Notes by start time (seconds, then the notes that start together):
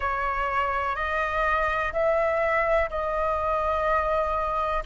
0.00 C#5
0.95 D#5
1.93 E5
2.89 D#5